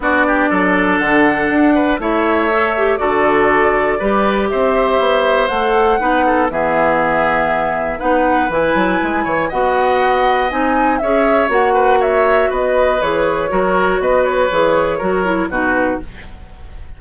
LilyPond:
<<
  \new Staff \with { instrumentName = "flute" } { \time 4/4 \tempo 4 = 120 d''2 fis''2 | e''2 d''2~ | d''4 e''2 fis''4~ | fis''4 e''2. |
fis''4 gis''2 fis''4~ | fis''4 gis''4 e''4 fis''4 | e''4 dis''4 cis''2 | dis''8 cis''2~ cis''8 b'4 | }
  \new Staff \with { instrumentName = "oboe" } { \time 4/4 fis'8 g'8 a'2~ a'8 b'8 | cis''2 a'2 | b'4 c''2. | b'8 a'8 gis'2. |
b'2~ b'8 cis''8 dis''4~ | dis''2 cis''4. b'8 | cis''4 b'2 ais'4 | b'2 ais'4 fis'4 | }
  \new Staff \with { instrumentName = "clarinet" } { \time 4/4 d'1 | e'4 a'8 g'8 fis'2 | g'2. a'4 | dis'4 b2. |
dis'4 e'2 fis'4~ | fis'4 dis'4 gis'4 fis'4~ | fis'2 gis'4 fis'4~ | fis'4 gis'4 fis'8 e'8 dis'4 | }
  \new Staff \with { instrumentName = "bassoon" } { \time 4/4 b4 fis4 d4 d'4 | a2 d2 | g4 c'4 b4 a4 | b4 e2. |
b4 e8 fis8 gis8 e8 b4~ | b4 c'4 cis'4 ais4~ | ais4 b4 e4 fis4 | b4 e4 fis4 b,4 | }
>>